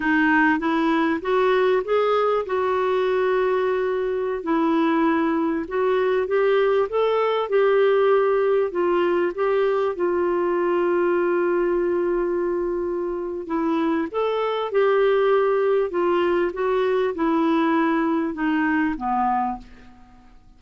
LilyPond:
\new Staff \with { instrumentName = "clarinet" } { \time 4/4 \tempo 4 = 98 dis'4 e'4 fis'4 gis'4 | fis'2.~ fis'16 e'8.~ | e'4~ e'16 fis'4 g'4 a'8.~ | a'16 g'2 f'4 g'8.~ |
g'16 f'2.~ f'8.~ | f'2 e'4 a'4 | g'2 f'4 fis'4 | e'2 dis'4 b4 | }